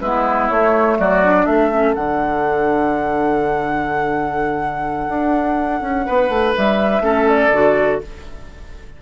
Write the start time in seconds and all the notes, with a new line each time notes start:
0.00 G#3 B3 E4 B4
0.49 A3 C#5
0.99 F#3 F#4 D5
1.24 D4
1.46 A3 A4 E5
1.72 C#4
1.95 D3 D4 F#5
5.08 D4
5.81 C#4
6.05 B3 B4
6.29 A3
6.57 G3 E5
7.00 A3 C#4 A4
7.29 D5
7.52 D3 F#4